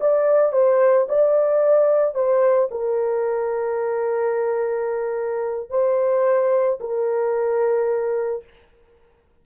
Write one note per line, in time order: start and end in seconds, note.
0.00 0.52 D5
0.52 1.07 C5
1.08 2.14 D5
2.14 2.69 C5
2.71 5.70 A#4
5.70 6.79 C5
6.80 8.43 A#4